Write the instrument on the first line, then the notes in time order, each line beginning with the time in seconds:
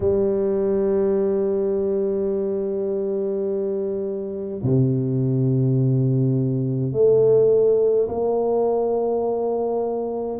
tuba
0.00 G3
4.62 C3
6.92 A3
8.08 A#3